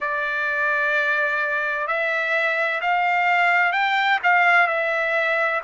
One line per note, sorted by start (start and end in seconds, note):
0.00 1.87 D5
1.87 2.80 E5
2.81 3.72 F5
3.72 4.19 G5
4.23 4.67 F5
4.67 5.61 E5